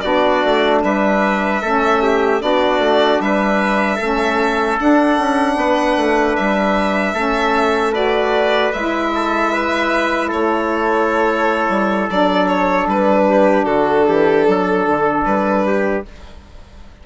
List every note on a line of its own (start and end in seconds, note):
0.00 0.43 B3
0.00 1.61 D4
0.00 0.83 F#4
0.00 0.79 D5
0.45 0.83 A3
0.83 1.62 G3
0.83 1.61 B4
0.83 2.41 E5
1.61 2.41 A3
1.61 2.39 C#4
1.61 2.01 A4
2.02 2.41 G4
2.39 2.78 B3
2.39 3.97 D4
2.39 3.23 F#4
2.39 3.20 D5
2.78 3.17 A3
3.19 3.98 G3
3.19 3.95 B4
3.19 4.78 E5
3.95 4.79 A3
3.95 4.79 C#4
3.95 5.53 A4
4.79 7.14 D4
4.79 5.18 D4
4.79 6.36 F#5
5.18 5.56 C#4
5.56 5.95 B3
5.56 7.13 B4
5.96 6.36 A3
6.36 7.13 G3
6.36 7.93 E5
7.13 8.71 A3
7.13 7.92 C#4
7.13 7.92 A4
7.92 8.71 F#4
7.92 9.10 B4
7.92 8.72 D5
8.72 10.32 G#3
8.72 12.09 E4
8.72 10.29 E5
9.14 9.52 A4
9.52 10.28 B4
10.28 11.69 A3
10.28 13.24 A4
10.28 12.09 C#5
11.69 12.08 G3
12.09 12.86 F#3
12.09 16.04 D4
12.09 12.47 D5
12.47 12.87 C#5
12.86 13.65 G3
12.86 13.64 B4
13.28 13.65 G4
13.64 14.04 D3
13.64 14.04 F#4
13.64 15.22 A4
14.08 14.47 E3
14.08 14.47 G4
14.47 14.86 F#3
14.47 15.66 A4
14.86 15.25 D3
15.25 16.04 G3
15.25 16.03 B4
15.66 16.06 G4